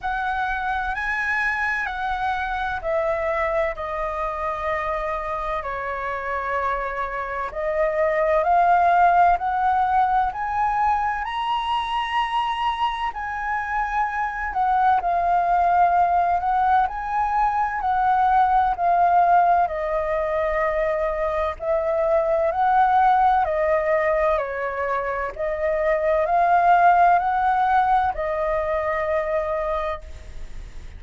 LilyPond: \new Staff \with { instrumentName = "flute" } { \time 4/4 \tempo 4 = 64 fis''4 gis''4 fis''4 e''4 | dis''2 cis''2 | dis''4 f''4 fis''4 gis''4 | ais''2 gis''4. fis''8 |
f''4. fis''8 gis''4 fis''4 | f''4 dis''2 e''4 | fis''4 dis''4 cis''4 dis''4 | f''4 fis''4 dis''2 | }